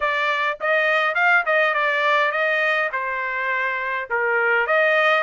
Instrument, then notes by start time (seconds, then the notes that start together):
trumpet
0.00 D5
0.60 D#5
1.15 F5
1.45 D#5
1.74 D5
2.31 D#5
2.92 C5
4.10 A#4
4.66 D#5